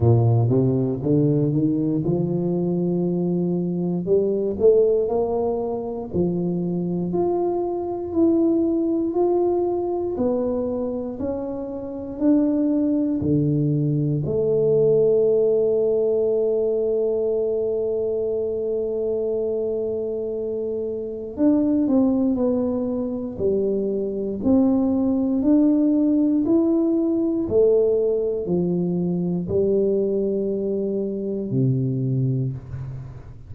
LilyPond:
\new Staff \with { instrumentName = "tuba" } { \time 4/4 \tempo 4 = 59 ais,8 c8 d8 dis8 f2 | g8 a8 ais4 f4 f'4 | e'4 f'4 b4 cis'4 | d'4 d4 a2~ |
a1~ | a4 d'8 c'8 b4 g4 | c'4 d'4 e'4 a4 | f4 g2 c4 | }